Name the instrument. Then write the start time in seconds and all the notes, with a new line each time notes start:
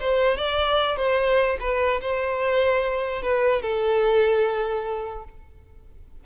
violin
0.00 C5
0.37 D5
0.96 C5
1.60 B4
2.01 C5
3.22 B4
3.61 A4